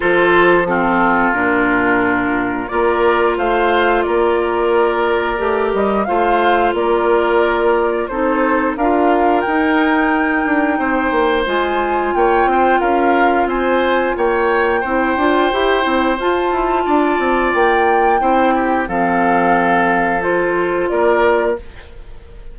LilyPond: <<
  \new Staff \with { instrumentName = "flute" } { \time 4/4 \tempo 4 = 89 c''4 a'4 ais'2 | d''4 f''4 d''2~ | d''8 dis''8 f''4 d''2 | c''4 f''4 g''2~ |
g''4 gis''4 g''4 f''4 | gis''4 g''2. | a''2 g''2 | f''2 c''4 d''4 | }
  \new Staff \with { instrumentName = "oboe" } { \time 4/4 a'4 f'2. | ais'4 c''4 ais'2~ | ais'4 c''4 ais'2 | a'4 ais'2. |
c''2 cis''8 c''8 ais'4 | c''4 cis''4 c''2~ | c''4 d''2 c''8 g'8 | a'2. ais'4 | }
  \new Staff \with { instrumentName = "clarinet" } { \time 4/4 f'4 c'4 d'2 | f'1 | g'4 f'2. | dis'4 f'4 dis'2~ |
dis'4 f'2.~ | f'2 e'8 f'8 g'8 e'8 | f'2. e'4 | c'2 f'2 | }
  \new Staff \with { instrumentName = "bassoon" } { \time 4/4 f2 ais,2 | ais4 a4 ais2 | a8 g8 a4 ais2 | c'4 d'4 dis'4. d'8 |
c'8 ais8 gis4 ais8 c'8 cis'4 | c'4 ais4 c'8 d'8 e'8 c'8 | f'8 e'8 d'8 c'8 ais4 c'4 | f2. ais4 | }
>>